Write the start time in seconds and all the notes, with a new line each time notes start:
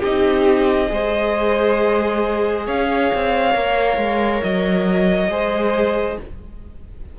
0.00 C4 D#4 G4 D#5
0.88 G#3 G#4 C5
2.66 C#4 C#5 F5
3.14 C4
3.52 A#3 A#4
3.97 G#3
4.43 F#3 D#5
5.29 G#3 G#4 C5